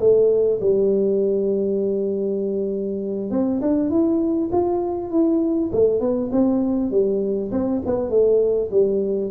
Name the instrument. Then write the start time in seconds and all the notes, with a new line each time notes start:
tuba
0.00 A3
0.61 G3
3.31 C4
3.62 D4
3.90 E4
4.52 F4
5.11 E4
5.72 A3
6.00 B3
6.32 C4
6.91 G3
7.52 C4
7.86 B3
8.10 A3
8.71 G3